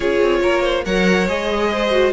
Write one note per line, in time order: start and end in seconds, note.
0.00 0.20 C#4
0.00 0.84 F4
0.00 0.40 G#4
0.00 0.85 C#5
0.21 0.42 C4
0.42 0.85 A#3
0.42 0.63 A#4
0.63 0.84 C5
0.85 1.27 F#3
0.85 1.27 A#4
0.85 1.70 C#5
0.85 1.27 F#5
1.27 2.12 G#3
1.27 1.90 G#4
1.27 2.12 D#5
1.71 2.12 C5
1.90 2.12 F#4